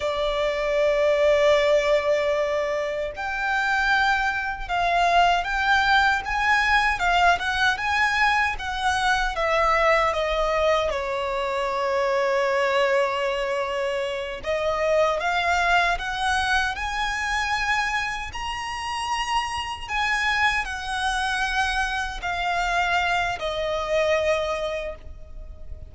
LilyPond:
\new Staff \with { instrumentName = "violin" } { \time 4/4 \tempo 4 = 77 d''1 | g''2 f''4 g''4 | gis''4 f''8 fis''8 gis''4 fis''4 | e''4 dis''4 cis''2~ |
cis''2~ cis''8 dis''4 f''8~ | f''8 fis''4 gis''2 ais''8~ | ais''4. gis''4 fis''4.~ | fis''8 f''4. dis''2 | }